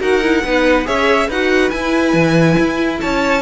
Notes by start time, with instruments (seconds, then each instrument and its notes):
0.00 cello D#4, viola F#4, violin A#4 F#5
0.23 viola E4
0.44 cello B3, viola D#4, violin B4
0.85 cello C#4, viola G#4, violin C#5 E5
1.27 cello D#4, viola F#4, violin B4 F#5
1.70 viola E4, cello E4, violin G#5
2.13 cello E3
2.58 cello E4
3.01 cello C#4, violin C#5 A5